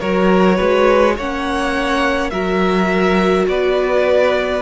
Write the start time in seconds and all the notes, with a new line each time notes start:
0.00 F#3 F#4 A#4 C#5
0.56 G#3 B4
1.15 A#3 C#4 C#5 F#5
2.30 F#3 F#4 A#4 E5
3.47 B3 B4 D5